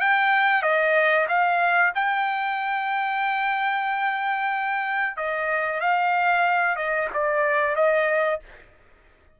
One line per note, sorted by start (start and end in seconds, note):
0.00 0.62 G5
0.62 1.27 D#5
1.28 1.93 F5
1.95 5.17 G5
5.17 5.80 D#5
5.80 6.76 F5
6.76 7.08 D#5
7.13 7.75 D5
7.75 8.40 D#5